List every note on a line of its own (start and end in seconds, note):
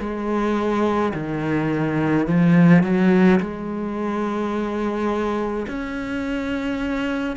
0.00 1.13 G#3
1.14 2.27 D#3
2.27 2.84 F3
2.84 3.40 F#3
3.40 5.67 G#3
5.68 7.37 C#4